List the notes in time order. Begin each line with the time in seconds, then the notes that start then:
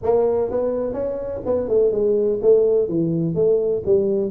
0.02 A#3
0.51 B3
0.93 C#4
1.45 B3
1.68 A3
1.91 G#3
2.42 A3
2.88 E3
3.35 A3
3.85 G3